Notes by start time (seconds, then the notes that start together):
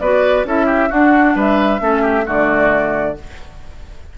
0.00 B3 F#4 B4 D5
0.45 C#4 E4 A4 E5
0.66 G4
0.89 D4 F#4 F#5
1.35 G3 B4 E5
1.80 A3 C#4 A4
2.02 G4
2.25 D3 A3 F#4 D5